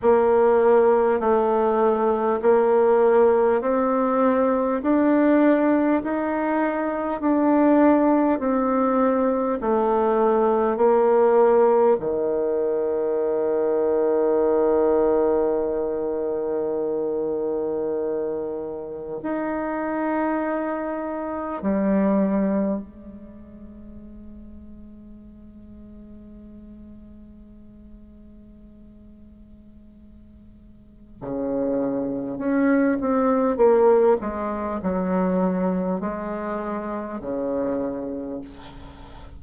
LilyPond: \new Staff \with { instrumentName = "bassoon" } { \time 4/4 \tempo 4 = 50 ais4 a4 ais4 c'4 | d'4 dis'4 d'4 c'4 | a4 ais4 dis2~ | dis1 |
dis'2 g4 gis4~ | gis1~ | gis2 cis4 cis'8 c'8 | ais8 gis8 fis4 gis4 cis4 | }